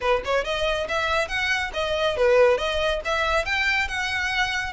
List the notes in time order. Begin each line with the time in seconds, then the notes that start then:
0.01 B4
0.24 C#5
0.44 D#5
0.88 E5
1.28 F#5
1.73 D#5
2.16 B4
2.57 D#5
3.04 E5
3.45 G5
3.88 F#5